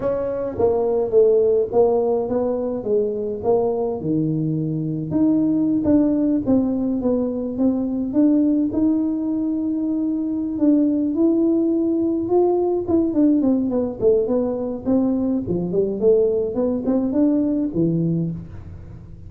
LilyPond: \new Staff \with { instrumentName = "tuba" } { \time 4/4 \tempo 4 = 105 cis'4 ais4 a4 ais4 | b4 gis4 ais4 dis4~ | dis4 dis'4~ dis'16 d'4 c'8.~ | c'16 b4 c'4 d'4 dis'8.~ |
dis'2~ dis'8 d'4 e'8~ | e'4. f'4 e'8 d'8 c'8 | b8 a8 b4 c'4 f8 g8 | a4 b8 c'8 d'4 e4 | }